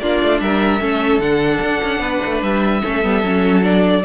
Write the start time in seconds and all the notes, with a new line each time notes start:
0.00 A#3 D4 F4 D5
0.22 A3
0.40 G3 A#4 E5
0.81 A3 C#4 A4
1.19 D3 D4 F#5
1.62 D4
1.83 C#4
1.99 B3 B4
2.25 A3
2.42 G3 E5
2.82 A3 C#4 A4
3.03 G3 B3
3.23 F#3 C#4
3.62 D4 D5